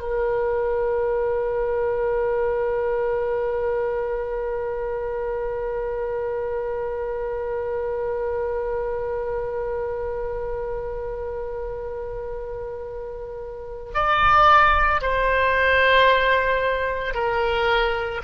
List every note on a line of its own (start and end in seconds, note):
0.00 13.93 A#4
13.94 15.01 D5
15.01 17.14 C5
17.14 18.21 A#4